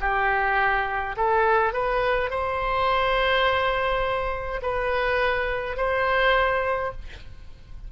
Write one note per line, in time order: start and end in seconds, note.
0.00 1.15 G4
1.16 1.73 A4
1.73 2.30 B4
2.30 4.60 C5
4.62 5.76 B4
5.76 6.91 C5